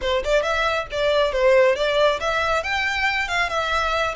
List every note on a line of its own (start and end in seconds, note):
0.01 0.23 C5
0.24 0.42 D5
0.42 0.86 E5
0.91 1.32 D5
1.32 1.75 C5
1.75 2.19 D5
2.19 2.63 E5
2.63 3.28 G5
3.28 3.49 F5
3.49 4.15 E5